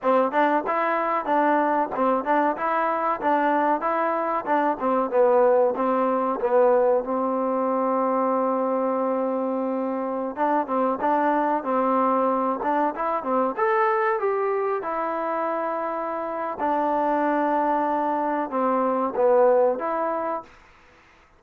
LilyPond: \new Staff \with { instrumentName = "trombone" } { \time 4/4 \tempo 4 = 94 c'8 d'8 e'4 d'4 c'8 d'8 | e'4 d'4 e'4 d'8 c'8 | b4 c'4 b4 c'4~ | c'1~ |
c'16 d'8 c'8 d'4 c'4. d'16~ | d'16 e'8 c'8 a'4 g'4 e'8.~ | e'2 d'2~ | d'4 c'4 b4 e'4 | }